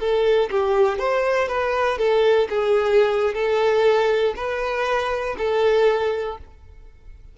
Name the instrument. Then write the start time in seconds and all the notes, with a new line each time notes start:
violin
0.00 A4
0.51 G4
0.99 C5
1.48 B4
1.99 A4
2.50 G#4
3.34 A4
4.36 B4
5.38 A4